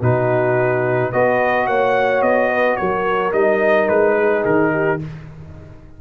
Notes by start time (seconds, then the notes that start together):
0.00 B2 D#4 F#4 B4
1.12 B3 F#4 B4 D#5
1.67 A#3 C#5 F#5
2.22 B3 D#5
2.50 B4
2.76 F#3 A#4 C#5
3.32 G3 D#4 D#5
3.88 G#3 B4
4.17 G#4
4.45 D#3 A#4
4.72 G4